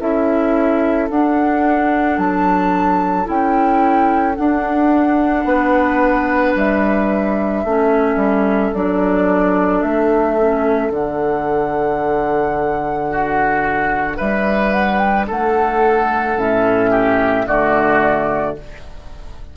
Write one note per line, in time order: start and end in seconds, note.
0.00 1.10 C#4
0.00 1.09 E4
0.00 5.46 A4
0.00 1.09 E5
1.10 3.25 D4
1.10 2.18 D4
1.10 2.19 F#5
2.18 3.27 F#3
2.18 3.28 A5
3.25 4.38 C#4
3.25 4.34 E4
3.25 4.36 G5
4.36 7.65 D4
4.36 5.45 D4
4.36 6.54 F#5
5.45 6.54 B3
5.45 7.65 B4
6.56 7.65 G3
6.56 8.74 E5
7.65 8.16 A3
7.65 8.75 C#4
7.65 13.10 A4
8.16 8.71 G3
8.74 9.83 F#3
8.74 10.39 D4
8.74 9.82 D5
9.82 10.90 A3
9.82 10.92 E5
10.39 10.92 C#4
10.90 14.18 D3
10.90 16.38 D4
10.90 14.19 F#5
13.10 14.17 F#4
14.17 15.30 G3
14.17 15.26 B4
14.17 14.73 E5
14.73 14.99 F#5
14.99 15.26 G5
15.27 16.37 A3
15.27 16.91 A4
15.27 16.39 F#5
16.37 17.46 A2
16.37 17.46 C#4
16.37 17.47 E5
16.91 17.45 G4
17.46 18.57 D3
17.46 18.55 A3
17.46 18.57 F#4
17.46 18.56 D5